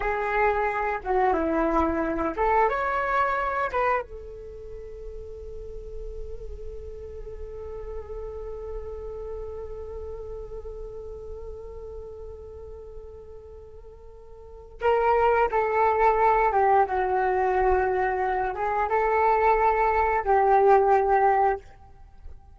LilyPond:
\new Staff \with { instrumentName = "flute" } { \time 4/4 \tempo 4 = 89 gis'4. fis'8 e'4. a'8 | cis''4. b'8 a'2~ | a'1~ | a'1~ |
a'1~ | a'2 ais'4 a'4~ | a'8 g'8 fis'2~ fis'8 gis'8 | a'2 g'2 | }